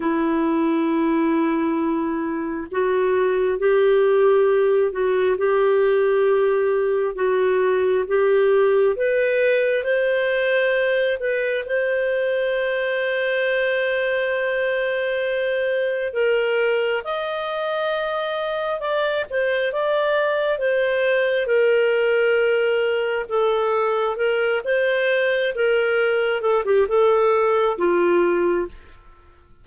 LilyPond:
\new Staff \with { instrumentName = "clarinet" } { \time 4/4 \tempo 4 = 67 e'2. fis'4 | g'4. fis'8 g'2 | fis'4 g'4 b'4 c''4~ | c''8 b'8 c''2.~ |
c''2 ais'4 dis''4~ | dis''4 d''8 c''8 d''4 c''4 | ais'2 a'4 ais'8 c''8~ | c''8 ais'4 a'16 g'16 a'4 f'4 | }